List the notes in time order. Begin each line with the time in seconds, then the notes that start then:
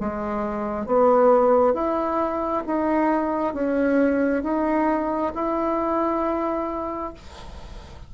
0.00 G#3
0.86 B3
1.73 E4
2.66 D#4
3.53 C#4
4.42 D#4
5.34 E4